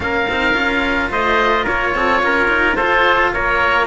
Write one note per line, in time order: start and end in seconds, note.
0.00 0.27 A#3
0.00 0.26 C#4
0.00 1.11 A#4
0.00 1.11 F5
0.28 0.54 C4
0.28 0.53 D#4
0.53 1.09 C#4
0.53 3.87 F4
1.10 1.66 A3
1.10 1.63 C5
1.10 1.66 D#5
1.63 1.94 A#3
1.63 1.91 A#4
1.63 2.75 C#5
1.94 2.22 C4
1.94 2.23 A4
2.23 2.48 C#4
2.23 2.76 A#4
2.48 2.75 D#4
2.75 3.35 F4
2.75 3.32 A4
2.75 3.30 C5
3.32 3.87 A#3
3.32 3.87 A#4
3.32 3.87 C#5